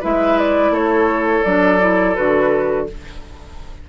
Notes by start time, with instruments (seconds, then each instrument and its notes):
0.00 bassoon G#3, clarinet E4, oboe B4, flute E5
0.39 flute D5
0.70 bassoon A3, oboe A4, flute C#5
1.44 bassoon F#3, clarinet D4, flute D5
1.80 clarinet E4
2.15 bassoon D3, clarinet F#4, flute B4